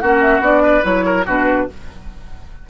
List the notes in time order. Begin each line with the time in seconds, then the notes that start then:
0.00 A#3 C#4 F#4 F#5
0.22 E5
0.40 B3 D4 D5
0.63 B4
0.82 F#3 E4 C#5
1.06 A#4
1.26 B2 D4 F#4 B4